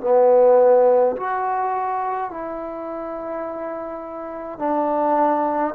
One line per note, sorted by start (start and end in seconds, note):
0.00 1.15 B3
1.16 2.30 F#4
2.30 4.58 E4
4.58 5.74 D4